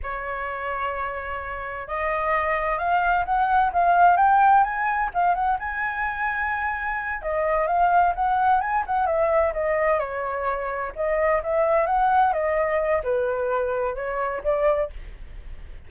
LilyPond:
\new Staff \with { instrumentName = "flute" } { \time 4/4 \tempo 4 = 129 cis''1 | dis''2 f''4 fis''4 | f''4 g''4 gis''4 f''8 fis''8 | gis''2.~ gis''8 dis''8~ |
dis''8 f''4 fis''4 gis''8 fis''8 e''8~ | e''8 dis''4 cis''2 dis''8~ | dis''8 e''4 fis''4 dis''4. | b'2 cis''4 d''4 | }